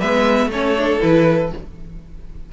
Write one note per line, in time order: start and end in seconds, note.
0.00 0.47 G#3
0.00 0.52 B3
0.00 0.50 B4
0.00 0.51 E5
0.47 0.97 A3
0.47 0.77 C#4
0.47 1.53 A4
0.47 1.02 C#5
0.77 1.00 D4
1.00 1.53 E3
1.00 1.50 E4
1.00 1.52 B4